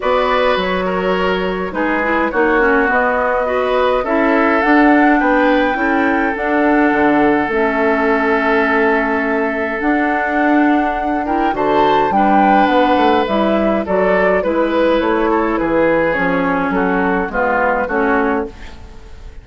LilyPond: <<
  \new Staff \with { instrumentName = "flute" } { \time 4/4 \tempo 4 = 104 d''4 cis''2 b'4 | cis''4 dis''2 e''4 | fis''4 g''2 fis''4~ | fis''4 e''2.~ |
e''4 fis''2~ fis''8 g''8 | a''4 g''4 fis''4 e''4 | d''4 b'4 cis''4 b'4 | cis''4 a'4 b'4 cis''4 | }
  \new Staff \with { instrumentName = "oboe" } { \time 4/4 b'4. ais'4. gis'4 | fis'2 b'4 a'4~ | a'4 b'4 a'2~ | a'1~ |
a'2.~ a'8 ais'8 | c''4 b'2. | a'4 b'4. a'8 gis'4~ | gis'4 fis'4 f'4 fis'4 | }
  \new Staff \with { instrumentName = "clarinet" } { \time 4/4 fis'2. dis'8 e'8 | dis'8 cis'8 b4 fis'4 e'4 | d'2 e'4 d'4~ | d'4 cis'2.~ |
cis'4 d'2~ d'8 e'8 | fis'4 d'2 e'4 | fis'4 e'2. | cis'2 b4 cis'4 | }
  \new Staff \with { instrumentName = "bassoon" } { \time 4/4 b4 fis2 gis4 | ais4 b2 cis'4 | d'4 b4 cis'4 d'4 | d4 a2.~ |
a4 d'2. | d4 g4 b8 a8 g4 | fis4 gis4 a4 e4 | f4 fis4 gis4 a4 | }
>>